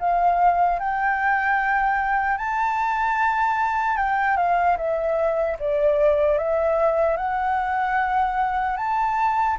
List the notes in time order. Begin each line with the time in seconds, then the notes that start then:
0.00 F5
0.80 G5
2.38 A5
3.97 G5
4.37 F5
4.77 E5
5.60 D5
6.39 E5
7.17 F#5
8.77 A5